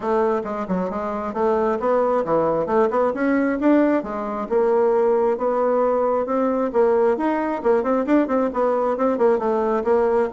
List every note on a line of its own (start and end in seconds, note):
0.00 0.42 A3
0.44 0.66 G#3
0.68 0.90 F#3
0.90 1.33 G#3
1.33 1.78 A3
1.79 2.24 B3
2.24 2.66 E3
2.66 2.88 A3
2.90 3.12 B3
3.14 3.58 C#4
3.60 4.03 D4
4.03 4.47 G#3
4.49 5.37 A#3
5.37 6.26 B3
6.26 6.70 C4
6.72 7.17 A#3
7.17 7.61 D#4
7.63 7.83 A#3
7.83 8.05 C4
8.06 8.27 D4
8.27 8.50 C4
8.53 8.97 B3
8.97 9.18 C4
9.18 9.38 A#3
9.38 9.83 A3
9.83 10.28 A#3